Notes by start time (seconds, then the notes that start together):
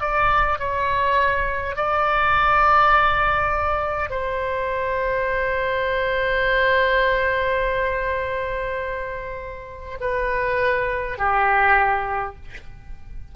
0.00 D5
0.58 C#5
1.76 D5
4.10 C5
10.00 B4
11.18 G4